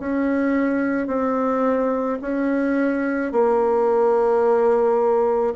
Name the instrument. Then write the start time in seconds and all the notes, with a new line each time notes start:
bassoon
0.00 C#4
1.08 C4
2.22 C#4
3.32 A#3